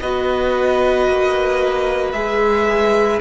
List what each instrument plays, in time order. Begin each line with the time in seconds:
0.00 cello B3, viola F#4, violin B4 D#5
1.07 cello A#3
2.12 cello G#3, viola G#4, violin E5